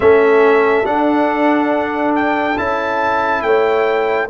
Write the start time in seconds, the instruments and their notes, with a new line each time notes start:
0.00 tuba A3, trombone C#4, horn A4, trumpet E5
0.84 trombone D4, tuba D4, trumpet F#5
2.15 trumpet G5
2.57 tuba C#4, trombone E4, trumpet A5
3.41 tuba A3, horn C#5, trumpet G5